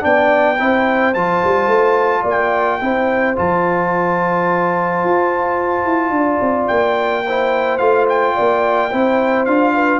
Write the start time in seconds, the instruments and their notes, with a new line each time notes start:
0.00 tuba B3, trombone D4, horn D5, trumpet G5
0.58 tuba C4, trombone E4, horn C5
1.13 tuba F3, trombone F4, trumpet A5
1.43 tuba G3
1.66 tuba A3
2.22 tuba A#3, horn D5
2.29 trumpet G5
2.80 tuba C4, trombone E4, horn C5
3.35 tuba F3, trombone F4, trumpet A5
5.04 tuba F4
5.84 tuba E4
6.10 tuba D4
6.16 horn D5
6.41 tuba C4
6.67 tuba A#3, trumpet G5
7.26 trombone E4, horn C5
7.77 tuba A3, trombone F4, trumpet F5
8.08 trumpet G5
8.34 tuba A#3, horn D5
8.90 tuba C4, trombone E4, horn C5
9.45 tuba D4, trombone F4, trumpet F5
9.74 horn B4